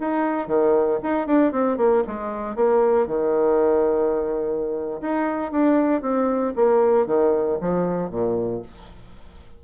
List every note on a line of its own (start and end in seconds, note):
0.00 0.47 D#4
0.47 0.99 D#3
1.03 1.27 D#4
1.27 1.52 D4
1.52 1.77 C4
1.77 2.03 A#3
2.07 2.56 G#3
2.56 3.07 A#3
3.07 5.01 D#3
5.01 5.52 D#4
5.52 6.02 D4
6.02 6.53 C4
6.55 7.06 A#3
7.06 7.58 D#3
7.61 8.10 F3
8.10 8.62 A#2